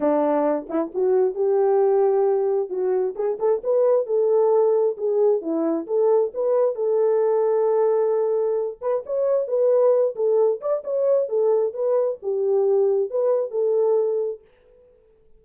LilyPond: \new Staff \with { instrumentName = "horn" } { \time 4/4 \tempo 4 = 133 d'4. e'8 fis'4 g'4~ | g'2 fis'4 gis'8 a'8 | b'4 a'2 gis'4 | e'4 a'4 b'4 a'4~ |
a'2.~ a'8 b'8 | cis''4 b'4. a'4 d''8 | cis''4 a'4 b'4 g'4~ | g'4 b'4 a'2 | }